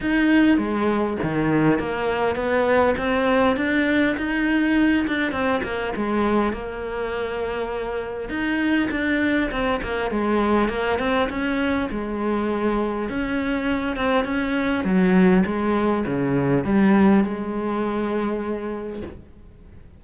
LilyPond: \new Staff \with { instrumentName = "cello" } { \time 4/4 \tempo 4 = 101 dis'4 gis4 dis4 ais4 | b4 c'4 d'4 dis'4~ | dis'8 d'8 c'8 ais8 gis4 ais4~ | ais2 dis'4 d'4 |
c'8 ais8 gis4 ais8 c'8 cis'4 | gis2 cis'4. c'8 | cis'4 fis4 gis4 cis4 | g4 gis2. | }